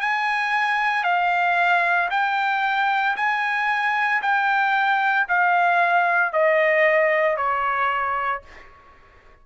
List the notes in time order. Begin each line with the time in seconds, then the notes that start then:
0.00 G#5
1.03 F5
2.11 G5
3.16 G#5
4.22 G5
5.28 F5
6.33 D#5
7.37 C#5